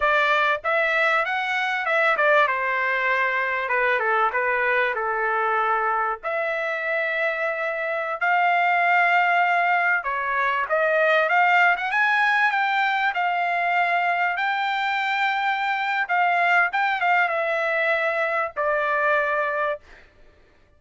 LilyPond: \new Staff \with { instrumentName = "trumpet" } { \time 4/4 \tempo 4 = 97 d''4 e''4 fis''4 e''8 d''8 | c''2 b'8 a'8 b'4 | a'2 e''2~ | e''4~ e''16 f''2~ f''8.~ |
f''16 cis''4 dis''4 f''8. fis''16 gis''8.~ | gis''16 g''4 f''2 g''8.~ | g''2 f''4 g''8 f''8 | e''2 d''2 | }